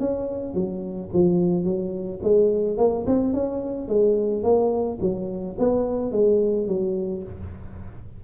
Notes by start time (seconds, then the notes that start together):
0.00 C#4
0.54 F#3
1.14 F3
1.65 F#3
2.23 G#3
2.78 A#3
3.07 C4
3.34 C#4
3.89 G#3
4.43 A#3
5.01 F#3
5.59 B3
6.12 G#3
6.68 F#3